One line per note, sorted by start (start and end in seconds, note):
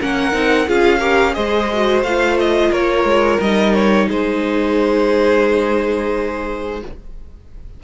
0.00 0.34 A#3
0.00 0.32 C#4
0.00 0.68 A#4
0.00 0.69 F#5
0.32 0.68 C4
0.32 0.66 D#4
0.68 1.37 C#4
0.68 1.00 F4
0.68 0.99 G#4
0.68 1.34 F5
0.99 1.34 G4
0.99 1.33 A#4
1.34 2.02 G#3
1.34 1.68 G#4
1.34 2.71 C5
1.34 2.02 D#5
1.73 2.07 F#4
2.02 2.71 A3
2.02 3.43 F4
2.02 2.38 F5
2.40 2.72 D#5
2.71 3.04 A#3
2.71 4.07 A#4
2.71 3.41 C#5
3.04 3.38 G#3
3.40 4.09 G3
3.40 6.84 D#4
3.40 3.75 D#5
3.75 4.09 C#5
4.08 6.83 G#3
4.08 6.80 G#4
4.08 6.84 C5